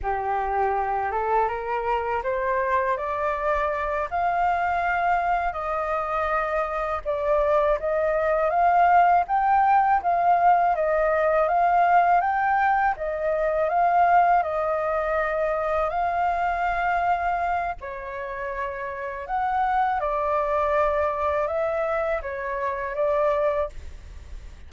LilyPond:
\new Staff \with { instrumentName = "flute" } { \time 4/4 \tempo 4 = 81 g'4. a'8 ais'4 c''4 | d''4. f''2 dis''8~ | dis''4. d''4 dis''4 f''8~ | f''8 g''4 f''4 dis''4 f''8~ |
f''8 g''4 dis''4 f''4 dis''8~ | dis''4. f''2~ f''8 | cis''2 fis''4 d''4~ | d''4 e''4 cis''4 d''4 | }